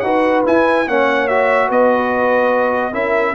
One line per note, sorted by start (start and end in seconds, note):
0.00 0.43 D#4
0.00 0.45 F#4
0.00 0.88 B4
0.00 0.42 F#5
0.45 0.87 E4
0.45 0.88 E4
0.45 0.89 G#5
0.88 1.70 A#3
0.88 1.29 C#4
0.88 1.68 C#5
0.88 1.28 F#5
1.28 2.92 F#4
1.28 1.69 E5
1.68 2.93 B3
1.68 2.93 B4
1.68 2.94 D#5
2.92 3.34 C#4
2.92 3.34 E4
2.92 3.35 A#4
2.92 3.35 E5